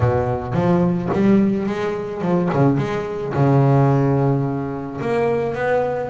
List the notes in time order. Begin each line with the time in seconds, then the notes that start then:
0.00 B2
0.53 F3
1.13 G3
1.66 G#3
2.21 F3
2.53 C#3
2.77 G#3
3.33 C#3
5.01 A#3
5.55 B3